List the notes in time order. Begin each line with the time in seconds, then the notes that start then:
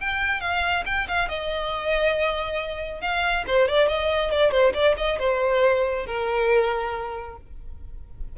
0.00 G5
0.40 F5
0.86 G5
1.08 F5
1.28 D#5
3.01 F5
3.47 C5
3.68 D5
3.88 D#5
4.31 D5
4.51 C5
4.74 D5
4.97 D#5
5.19 C5
6.06 A#4